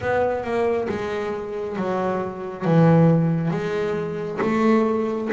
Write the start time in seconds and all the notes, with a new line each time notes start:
0.00 B3
0.44 A#3
0.88 G#3
1.76 F#3
2.64 E3
3.51 G#3
4.41 A3